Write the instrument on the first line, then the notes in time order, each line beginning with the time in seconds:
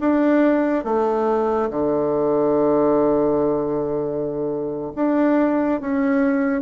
bassoon
0.00 D4
0.84 A3
1.70 D3
4.95 D4
5.81 C#4